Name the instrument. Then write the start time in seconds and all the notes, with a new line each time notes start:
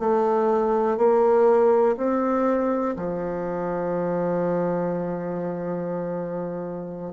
bassoon
0.00 A3
0.98 A#3
1.98 C4
2.97 F3